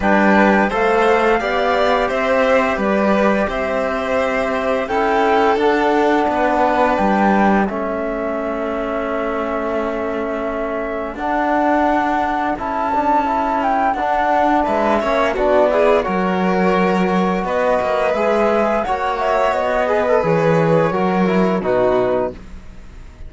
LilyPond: <<
  \new Staff \with { instrumentName = "flute" } { \time 4/4 \tempo 4 = 86 g''4 f''2 e''4 | d''4 e''2 g''4 | fis''2 g''4 e''4~ | e''1 |
fis''2 a''4. g''8 | fis''4 e''4 d''4 cis''4~ | cis''4 dis''4 e''4 fis''8 e''8 | dis''4 cis''2 b'4 | }
  \new Staff \with { instrumentName = "violin" } { \time 4/4 b'4 c''4 d''4 c''4 | b'4 c''2 a'4~ | a'4 b'2 a'4~ | a'1~ |
a'1~ | a'4 b'8 cis''8 fis'8 gis'8 ais'4~ | ais'4 b'2 cis''4~ | cis''8 b'4. ais'4 fis'4 | }
  \new Staff \with { instrumentName = "trombone" } { \time 4/4 d'4 a'4 g'2~ | g'2. e'4 | d'2. cis'4~ | cis'1 |
d'2 e'8 d'8 e'4 | d'4. cis'8 d'8 e'8 fis'4~ | fis'2 gis'4 fis'4~ | fis'8 gis'16 a'16 gis'4 fis'8 e'8 dis'4 | }
  \new Staff \with { instrumentName = "cello" } { \time 4/4 g4 a4 b4 c'4 | g4 c'2 cis'4 | d'4 b4 g4 a4~ | a1 |
d'2 cis'2 | d'4 gis8 ais8 b4 fis4~ | fis4 b8 ais8 gis4 ais4 | b4 e4 fis4 b,4 | }
>>